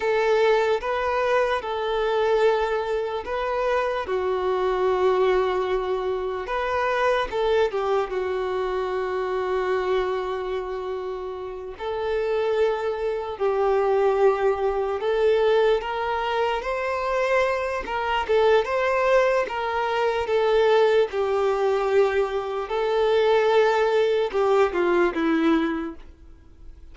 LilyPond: \new Staff \with { instrumentName = "violin" } { \time 4/4 \tempo 4 = 74 a'4 b'4 a'2 | b'4 fis'2. | b'4 a'8 g'8 fis'2~ | fis'2~ fis'8 a'4.~ |
a'8 g'2 a'4 ais'8~ | ais'8 c''4. ais'8 a'8 c''4 | ais'4 a'4 g'2 | a'2 g'8 f'8 e'4 | }